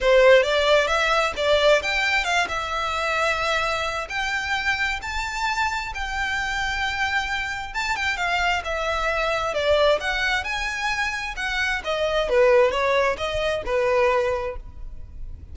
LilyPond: \new Staff \with { instrumentName = "violin" } { \time 4/4 \tempo 4 = 132 c''4 d''4 e''4 d''4 | g''4 f''8 e''2~ e''8~ | e''4 g''2 a''4~ | a''4 g''2.~ |
g''4 a''8 g''8 f''4 e''4~ | e''4 d''4 fis''4 gis''4~ | gis''4 fis''4 dis''4 b'4 | cis''4 dis''4 b'2 | }